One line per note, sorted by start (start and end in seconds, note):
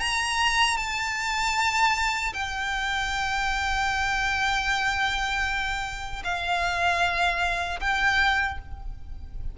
0.00 0.78 A#5
0.78 2.33 A5
2.33 6.23 G5
6.24 7.80 F5
7.81 8.59 G5